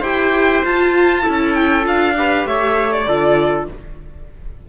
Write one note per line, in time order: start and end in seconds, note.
0.00 0.63 E4
0.00 0.64 G4
0.00 1.22 C5
0.00 0.65 G5
0.64 1.23 F4
0.64 1.26 F4
0.64 1.54 A5
1.23 1.83 E4
1.23 2.15 A4
1.29 1.87 C#4
1.54 1.85 G5
1.83 2.45 D4
1.83 2.14 F4
1.83 2.47 F5
2.16 3.08 G4
2.16 2.48 B4
2.45 3.07 A3
2.45 3.08 C#5
2.45 2.92 E5
2.92 3.69 D5
3.07 3.68 D3
3.07 3.69 F4
3.07 3.70 A4